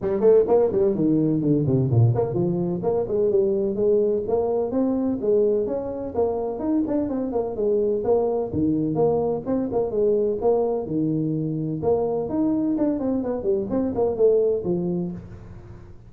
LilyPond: \new Staff \with { instrumentName = "tuba" } { \time 4/4 \tempo 4 = 127 g8 a8 ais8 g8 dis4 d8 c8 | ais,8 ais8 f4 ais8 gis8 g4 | gis4 ais4 c'4 gis4 | cis'4 ais4 dis'8 d'8 c'8 ais8 |
gis4 ais4 dis4 ais4 | c'8 ais8 gis4 ais4 dis4~ | dis4 ais4 dis'4 d'8 c'8 | b8 g8 c'8 ais8 a4 f4 | }